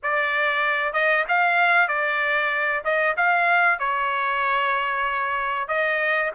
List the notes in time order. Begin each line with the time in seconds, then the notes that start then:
0.02 D5
0.93 D#5
1.28 F5
1.88 D5
2.84 D#5
3.16 F5
3.79 C#5
5.68 D#5